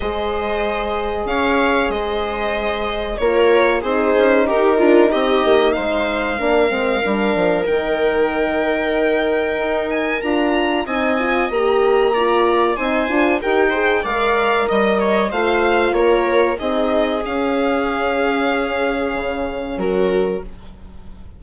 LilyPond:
<<
  \new Staff \with { instrumentName = "violin" } { \time 4/4 \tempo 4 = 94 dis''2 f''4 dis''4~ | dis''4 cis''4 c''4 ais'4 | dis''4 f''2. | g''2.~ g''8 gis''8 |
ais''4 gis''4 ais''2 | gis''4 g''4 f''4 dis''4 | f''4 cis''4 dis''4 f''4~ | f''2. ais'4 | }
  \new Staff \with { instrumentName = "viola" } { \time 4/4 c''2 cis''4 c''4~ | c''4 ais'4 gis'4 g'8 f'8 | g'4 c''4 ais'2~ | ais'1~ |
ais'4 dis''2 d''4 | c''4 ais'8 c''8 d''4 dis''8 cis''8 | c''4 ais'4 gis'2~ | gis'2. fis'4 | }
  \new Staff \with { instrumentName = "horn" } { \time 4/4 gis'1~ | gis'4 f'4 dis'2~ | dis'2 d'8 c'8 d'4 | dis'1 |
f'4 dis'8 f'8 g'4 f'4 | dis'8 f'8 g'8 gis'8 ais'2 | f'2 dis'4 cis'4~ | cis'1 | }
  \new Staff \with { instrumentName = "bassoon" } { \time 4/4 gis2 cis'4 gis4~ | gis4 ais4 c'8 cis'8 dis'8 d'8 | c'8 ais8 gis4 ais8 gis8 g8 f8 | dis2. dis'4 |
d'4 c'4 ais2 | c'8 d'8 dis'4 gis4 g4 | a4 ais4 c'4 cis'4~ | cis'2 cis4 fis4 | }
>>